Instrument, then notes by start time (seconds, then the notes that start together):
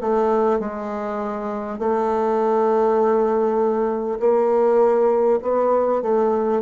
bassoon
0.00 A3
0.59 G#3
1.78 A3
4.19 A#3
5.42 B3
6.02 A3